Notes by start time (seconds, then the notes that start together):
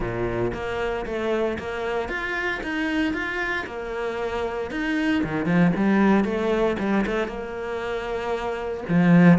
0.00 A#2
0.53 A#3
1.06 A3
1.58 A#3
2.08 F4
2.63 D#4
3.13 F4
3.66 A#3
4.71 D#4
5.23 D#3
5.45 F3
5.76 G3
6.24 A3
6.79 G3
7.06 A3
7.27 A#3
8.88 F3